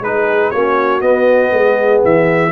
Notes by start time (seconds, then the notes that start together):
0.00 G#3 D#4 G#4 B4
0.51 A#3 C#4 F#4 C#5
1.01 B3 D#5
1.52 G#3 G#4
2.04 E3 E5